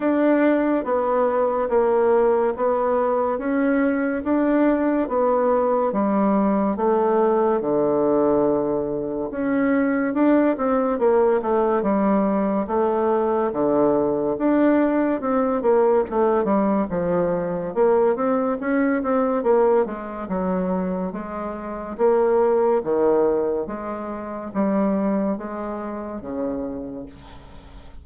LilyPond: \new Staff \with { instrumentName = "bassoon" } { \time 4/4 \tempo 4 = 71 d'4 b4 ais4 b4 | cis'4 d'4 b4 g4 | a4 d2 cis'4 | d'8 c'8 ais8 a8 g4 a4 |
d4 d'4 c'8 ais8 a8 g8 | f4 ais8 c'8 cis'8 c'8 ais8 gis8 | fis4 gis4 ais4 dis4 | gis4 g4 gis4 cis4 | }